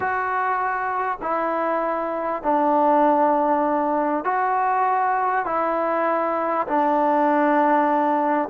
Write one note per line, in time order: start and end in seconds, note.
0.00 1.18 F#4
1.21 2.42 E4
2.42 4.24 D4
4.24 5.45 F#4
5.45 6.67 E4
6.67 8.48 D4